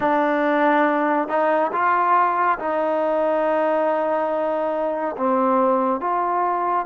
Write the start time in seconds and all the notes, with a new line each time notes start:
0.00 D4
1.28 D#4
1.72 F4
2.59 D#4
5.17 C4
6.00 F4